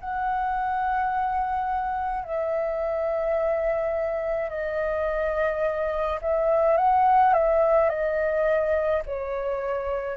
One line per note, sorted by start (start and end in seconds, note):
0.00 2.24 F#5
2.24 4.50 E5
4.50 6.20 D#5
6.22 6.77 E5
6.77 7.33 F#5
7.33 7.89 E5
7.89 9.03 D#5
9.06 10.16 C#5